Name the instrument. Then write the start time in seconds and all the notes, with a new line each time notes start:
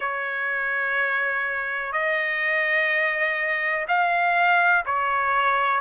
trumpet
0.00 C#5
1.92 D#5
3.88 F5
4.85 C#5